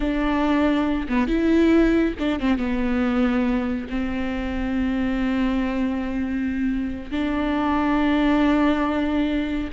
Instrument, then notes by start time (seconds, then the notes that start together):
viola
0.00 D4
1.08 B3
1.27 E4
2.19 D4
2.39 C4
2.58 B3
3.89 C4
7.11 D4